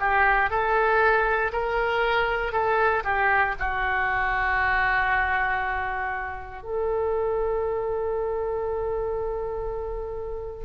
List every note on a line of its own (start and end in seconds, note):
0.00 0.50 G4
0.50 1.52 A4
1.53 2.53 A#4
2.53 3.04 A4
3.05 3.55 G4
3.60 6.63 F#4
6.63 10.65 A4